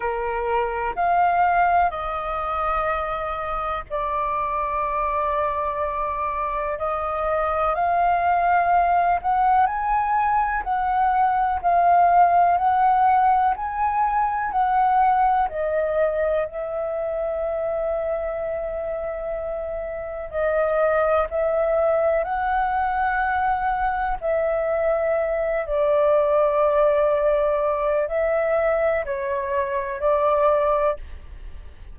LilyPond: \new Staff \with { instrumentName = "flute" } { \time 4/4 \tempo 4 = 62 ais'4 f''4 dis''2 | d''2. dis''4 | f''4. fis''8 gis''4 fis''4 | f''4 fis''4 gis''4 fis''4 |
dis''4 e''2.~ | e''4 dis''4 e''4 fis''4~ | fis''4 e''4. d''4.~ | d''4 e''4 cis''4 d''4 | }